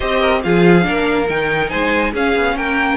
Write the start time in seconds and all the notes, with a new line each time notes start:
0.00 C4 G4 C5 D#5
0.19 A#4
0.43 F3 F4 G#4 F5
0.82 D4 A#4
0.88 A#3
1.29 D#3 D#4 G5
1.69 G#3 C5 G#5
2.13 C#4 G#4 F5
2.35 B3
2.56 A#3 A#4 G5